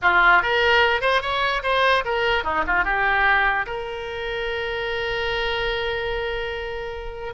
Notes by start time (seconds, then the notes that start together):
0.02 F4
0.42 A#4
1.01 C5
1.21 C#5
1.63 C5
2.04 A#4
2.44 D#4
2.66 F4
2.84 G4
3.66 A#4